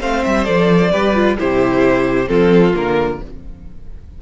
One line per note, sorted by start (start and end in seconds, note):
0.00 0.23 A3
0.00 0.44 C4
0.00 0.91 C5
0.00 0.23 F5
0.23 0.48 G3
0.23 0.44 E5
0.44 0.92 F3
0.44 0.90 A4
0.44 1.35 D5
0.91 1.38 G3
0.91 1.14 G4
0.91 1.37 B4
1.14 1.37 F4
1.38 2.28 C3
1.38 2.26 E4
1.38 2.29 G4
1.38 2.28 C5
2.26 2.74 F3
2.26 2.72 C4
2.26 3.21 F4
2.26 2.73 A4
2.73 3.20 D3
2.73 3.18 A#3
2.73 3.22 A#4